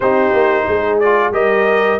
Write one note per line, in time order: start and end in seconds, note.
0.00 0.32 C4
0.00 1.02 D#4
0.00 0.64 G4
0.00 0.99 C5
0.32 0.66 A#3
0.67 1.31 G#3
0.67 1.33 G#4
0.99 1.32 F4
0.99 1.32 D5
1.31 1.98 G3
1.31 1.99 G4
1.31 1.99 A#4
1.31 1.99 D#5